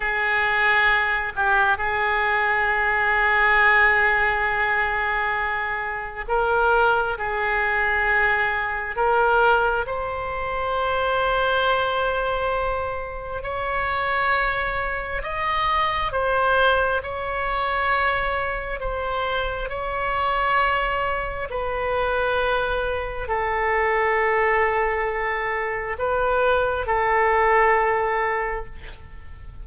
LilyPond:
\new Staff \with { instrumentName = "oboe" } { \time 4/4 \tempo 4 = 67 gis'4. g'8 gis'2~ | gis'2. ais'4 | gis'2 ais'4 c''4~ | c''2. cis''4~ |
cis''4 dis''4 c''4 cis''4~ | cis''4 c''4 cis''2 | b'2 a'2~ | a'4 b'4 a'2 | }